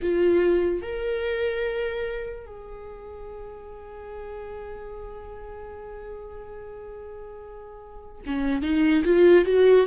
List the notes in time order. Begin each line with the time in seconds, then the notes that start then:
0.02 F4
0.81 A#4
2.46 G#4
8.26 C#4
8.62 D#4
9.04 F4
9.45 F#4